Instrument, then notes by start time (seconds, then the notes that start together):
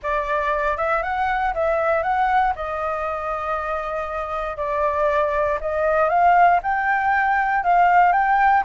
flute
0.03 D5
0.77 E5
1.03 F#5
1.54 E5
2.02 F#5
2.55 D#5
4.56 D5
5.60 D#5
6.09 F5
6.62 G5
7.63 F5
8.12 G5